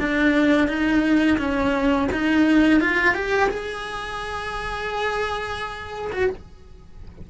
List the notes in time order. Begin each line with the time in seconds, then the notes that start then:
0.00 D4
0.68 D#4
1.39 C#4
2.12 D#4
2.81 F4
3.15 G4
3.50 G#4
6.13 F#4